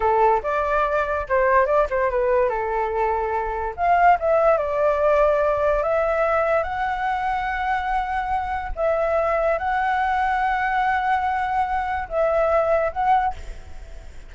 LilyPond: \new Staff \with { instrumentName = "flute" } { \time 4/4 \tempo 4 = 144 a'4 d''2 c''4 | d''8 c''8 b'4 a'2~ | a'4 f''4 e''4 d''4~ | d''2 e''2 |
fis''1~ | fis''4 e''2 fis''4~ | fis''1~ | fis''4 e''2 fis''4 | }